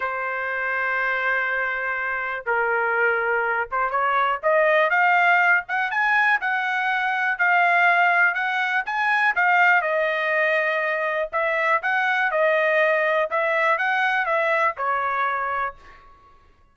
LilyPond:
\new Staff \with { instrumentName = "trumpet" } { \time 4/4 \tempo 4 = 122 c''1~ | c''4 ais'2~ ais'8 c''8 | cis''4 dis''4 f''4. fis''8 | gis''4 fis''2 f''4~ |
f''4 fis''4 gis''4 f''4 | dis''2. e''4 | fis''4 dis''2 e''4 | fis''4 e''4 cis''2 | }